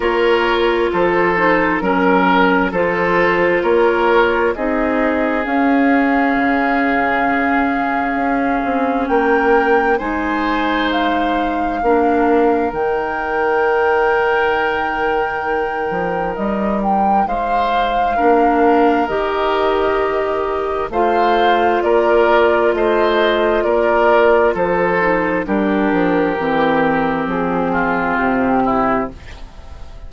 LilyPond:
<<
  \new Staff \with { instrumentName = "flute" } { \time 4/4 \tempo 4 = 66 cis''4 c''4 ais'4 c''4 | cis''4 dis''4 f''2~ | f''2 g''4 gis''4 | f''2 g''2~ |
g''2 dis''8 g''8 f''4~ | f''4 dis''2 f''4 | d''4 dis''4 d''4 c''4 | ais'2 gis'4 g'4 | }
  \new Staff \with { instrumentName = "oboe" } { \time 4/4 ais'4 a'4 ais'4 a'4 | ais'4 gis'2.~ | gis'2 ais'4 c''4~ | c''4 ais'2.~ |
ais'2. c''4 | ais'2. c''4 | ais'4 c''4 ais'4 a'4 | g'2~ g'8 f'4 e'8 | }
  \new Staff \with { instrumentName = "clarinet" } { \time 4/4 f'4. dis'8 cis'4 f'4~ | f'4 dis'4 cis'2~ | cis'2. dis'4~ | dis'4 d'4 dis'2~ |
dis'1 | d'4 g'2 f'4~ | f'2.~ f'8 dis'8 | d'4 c'2. | }
  \new Staff \with { instrumentName = "bassoon" } { \time 4/4 ais4 f4 fis4 f4 | ais4 c'4 cis'4 cis4~ | cis4 cis'8 c'8 ais4 gis4~ | gis4 ais4 dis2~ |
dis4. f8 g4 gis4 | ais4 dis2 a4 | ais4 a4 ais4 f4 | g8 f8 e4 f4 c4 | }
>>